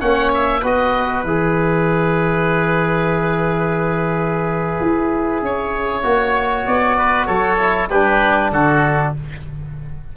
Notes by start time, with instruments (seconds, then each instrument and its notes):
0.00 tuba A#3, trombone C#4, oboe C#5 F#5
0.34 oboe E5
0.61 tuba B3, trombone F#4, oboe B4 D#5
1.24 tuba E3, trombone G#4, oboe E5
4.80 tuba E4
5.41 tuba C#4, oboe C#5
6.03 tuba A#3, trombone F#4
6.66 tuba B3, oboe D5
6.98 oboe B4
7.26 tuba F#3, oboe A4 C#5
7.58 trombone E4
7.89 tuba G3, trombone D4, oboe G4 B4
8.51 tuba D3, oboe F#4 A4